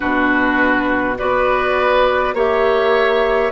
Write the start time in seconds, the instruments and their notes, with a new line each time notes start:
0.00 bassoon B2, clarinet D4, oboe F#4, flute B4
1.17 bassoon B3, clarinet F#4, oboe B4, flute D5
2.33 bassoon A#3, clarinet G4, oboe C#5, flute E5